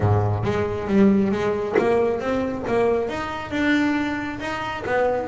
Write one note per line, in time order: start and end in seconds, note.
0.00 0.43 G#2
0.43 0.87 G#3
0.87 1.31 G3
1.31 1.75 G#3
1.78 2.20 A#3
2.20 2.64 C4
2.67 3.08 A#3
3.08 3.50 D#4
3.50 4.39 D4
4.39 4.83 D#4
4.86 5.27 B3